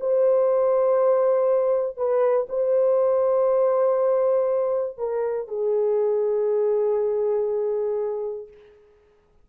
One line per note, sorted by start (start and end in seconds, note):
0.00 1.97 C5
1.97 2.47 B4
2.49 4.97 C5
4.97 5.47 A#4
5.47 8.47 G#4